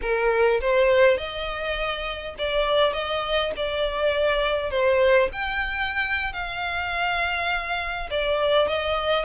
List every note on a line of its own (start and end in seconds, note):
0.01 0.60 A#4
0.60 1.17 C5
1.17 2.35 D#5
2.38 2.93 D5
2.93 3.52 D#5
3.56 4.70 D5
4.70 5.29 C5
5.32 6.33 G5
6.33 8.09 F5
8.10 8.68 D5
8.68 9.24 D#5